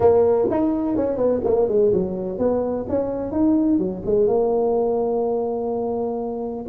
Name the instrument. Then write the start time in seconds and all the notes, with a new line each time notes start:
tuba
0.00 A#3
0.50 D#4
0.96 C#4
1.16 B3
1.44 A#3
1.68 G#3
1.92 F#3
2.38 B3
2.89 C#4
3.31 D#4
3.78 F#3
4.05 G#3
4.27 A#3